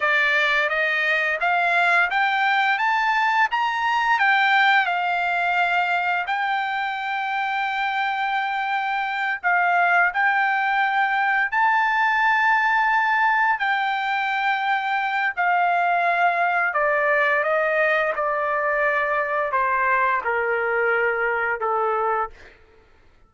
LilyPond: \new Staff \with { instrumentName = "trumpet" } { \time 4/4 \tempo 4 = 86 d''4 dis''4 f''4 g''4 | a''4 ais''4 g''4 f''4~ | f''4 g''2.~ | g''4. f''4 g''4.~ |
g''8 a''2. g''8~ | g''2 f''2 | d''4 dis''4 d''2 | c''4 ais'2 a'4 | }